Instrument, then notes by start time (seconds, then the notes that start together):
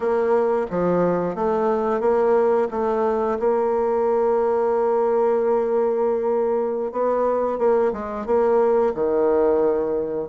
bassoon
0.00 A#3
0.70 F3
1.35 A3
2.00 A#3
2.71 A3
3.39 A#3
6.92 B3
7.58 A#3
7.92 G#3
8.26 A#3
8.94 D#3